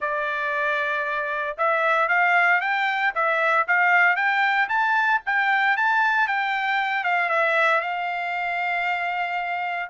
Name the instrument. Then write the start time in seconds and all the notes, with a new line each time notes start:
trumpet
0.00 D5
1.57 E5
2.08 F5
2.60 G5
3.14 E5
3.67 F5
4.16 G5
4.69 A5
5.26 G5
5.77 A5
6.27 G5
7.04 F5
7.29 E5
7.80 F5